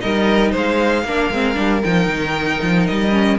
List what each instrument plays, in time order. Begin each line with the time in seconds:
0.00 cello G3, viola D#4, violin A#4 D#5
0.51 cello G#3, violin C5 F5
1.04 cello A#3, viola D4, violin A#4
1.30 cello G#3, viola C4
1.54 cello G3, viola D4
1.83 cello F3, viola D#4, violin G5
2.06 cello D#3
2.62 cello F3
2.86 cello G3, violin D#5
3.11 viola C#4